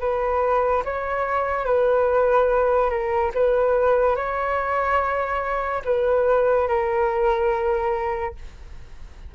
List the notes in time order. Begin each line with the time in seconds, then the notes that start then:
0.00 B4
0.85 C#5
1.65 B4
2.90 A#4
3.35 B4
4.16 C#5
5.85 B4
6.68 A#4